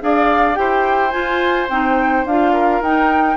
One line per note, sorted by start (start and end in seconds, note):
0.00 0.58 D4
0.00 0.54 G#4
0.00 0.59 D5
0.00 0.55 F5
0.54 1.14 E4
0.54 1.10 G4
0.54 2.53 C5
0.54 1.11 G5
1.11 1.67 F4
1.11 1.69 F4
1.11 1.67 G#5
1.69 2.25 C4
1.69 2.27 D#4
1.69 2.26 G5
2.25 2.81 D4
2.25 2.84 F4
2.25 2.82 F5
2.53 3.37 A#4
2.81 3.37 D#4
2.81 3.37 G5